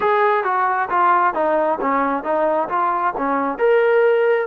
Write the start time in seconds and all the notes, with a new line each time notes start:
0.00 G#4
0.44 F#4
0.90 F4
1.34 D#4
1.81 C#4
2.23 D#4
2.69 F4
3.17 C#4
3.58 A#4